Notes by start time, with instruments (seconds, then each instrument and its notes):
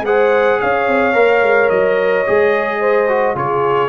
0.00 tuba G#3, trombone G#4, horn C5, trumpet F#5
0.60 tuba C#4, horn C#5, trumpet F5
0.87 tuba C4
1.13 tuba A#3, trombone A#4
1.42 tuba G#3
1.69 tuba F#3, trumpet D#5
2.27 tuba G#3, trombone G#4
2.80 horn C5
3.08 trombone F#4
3.35 tuba C#3, trombone F4, horn G#4, trumpet C#5